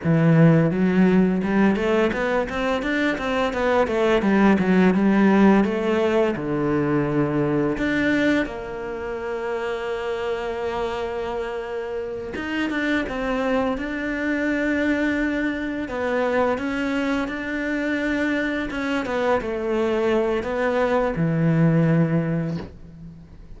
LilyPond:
\new Staff \with { instrumentName = "cello" } { \time 4/4 \tempo 4 = 85 e4 fis4 g8 a8 b8 c'8 | d'8 c'8 b8 a8 g8 fis8 g4 | a4 d2 d'4 | ais1~ |
ais4. dis'8 d'8 c'4 d'8~ | d'2~ d'8 b4 cis'8~ | cis'8 d'2 cis'8 b8 a8~ | a4 b4 e2 | }